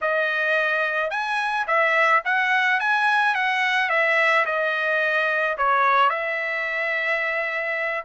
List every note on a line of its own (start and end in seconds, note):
0.01 1.10 D#5
1.10 1.66 G#5
1.67 2.22 E5
2.24 2.80 F#5
2.80 3.34 G#5
3.34 3.89 F#5
3.89 4.45 E5
4.45 5.56 D#5
5.57 6.09 C#5
6.09 8.04 E5